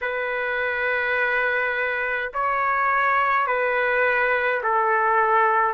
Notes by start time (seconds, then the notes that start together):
0.01 B4
2.33 C#5
3.46 B4
4.63 A4